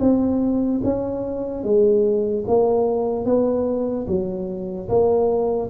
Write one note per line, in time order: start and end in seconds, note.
0.00 0.81 C4
0.83 1.63 C#4
1.63 2.44 G#3
2.47 3.25 A#3
3.25 4.06 B3
4.07 4.88 F#3
4.88 5.69 A#3